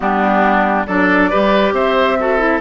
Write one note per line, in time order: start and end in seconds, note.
0.00 0.87 G3
0.00 0.86 B3
0.00 0.86 D4
0.00 0.85 G4
0.86 1.31 F#3
0.86 1.31 D4
0.86 1.30 A4
0.86 1.73 D5
1.30 1.72 G3
1.30 2.18 G4
1.30 1.73 B4
1.72 2.59 C4
1.72 2.17 C5
1.72 2.60 E5
2.19 2.38 F#4
2.19 2.60 A4
2.38 2.60 E4